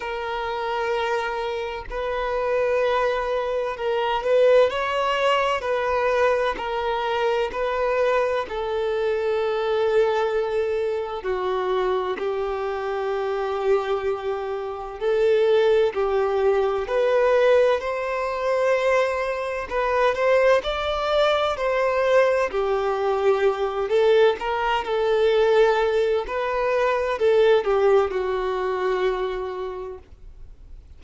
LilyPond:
\new Staff \with { instrumentName = "violin" } { \time 4/4 \tempo 4 = 64 ais'2 b'2 | ais'8 b'8 cis''4 b'4 ais'4 | b'4 a'2. | fis'4 g'2. |
a'4 g'4 b'4 c''4~ | c''4 b'8 c''8 d''4 c''4 | g'4. a'8 ais'8 a'4. | b'4 a'8 g'8 fis'2 | }